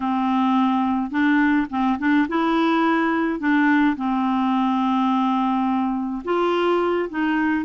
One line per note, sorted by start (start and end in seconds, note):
0.00 1.10 C4
1.10 1.67 D4
1.70 1.98 C4
1.98 2.27 D4
2.28 3.39 E4
3.39 3.96 D4
3.96 6.22 C4
6.24 7.09 F4
7.09 7.65 D#4